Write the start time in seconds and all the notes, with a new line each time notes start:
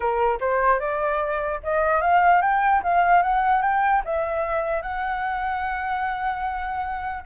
0.00 A#4
0.40 C5
0.79 D5
1.63 D#5
2.01 F5
2.41 G5
2.83 F5
3.22 F#5
3.62 G5
4.04 E5
4.82 F#5